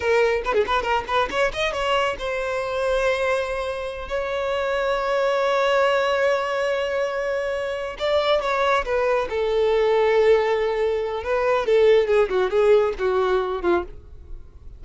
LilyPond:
\new Staff \with { instrumentName = "violin" } { \time 4/4 \tempo 4 = 139 ais'4 b'16 gis'16 b'8 ais'8 b'8 cis''8 dis''8 | cis''4 c''2.~ | c''4. cis''2~ cis''8~ | cis''1~ |
cis''2~ cis''8 d''4 cis''8~ | cis''8 b'4 a'2~ a'8~ | a'2 b'4 a'4 | gis'8 fis'8 gis'4 fis'4. f'8 | }